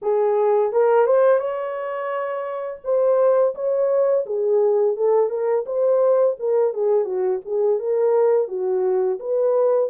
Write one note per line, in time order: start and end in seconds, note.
0.02 0.72 G#4
0.72 1.06 A#4
1.06 1.39 C5
1.39 2.80 C#5
2.84 3.54 C5
3.54 4.25 C#5
4.26 4.96 G#4
4.96 5.29 A4
5.29 5.65 A#4
5.65 6.36 C5
6.39 6.73 A#4
6.73 7.04 G#4
7.04 7.40 F#4
7.45 7.79 G#4
7.79 8.48 A#4
8.48 9.18 F#4
9.19 9.90 B4